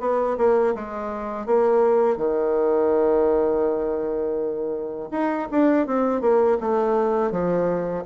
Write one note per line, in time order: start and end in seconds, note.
0.00 0.37 B3
0.38 0.74 A#3
0.75 1.46 G#3
1.46 2.17 A#3
2.17 5.09 D#3
5.11 5.48 D#4
5.51 5.87 D4
5.87 6.21 C4
6.21 6.58 A#3
6.60 7.31 A3
7.31 8.04 F3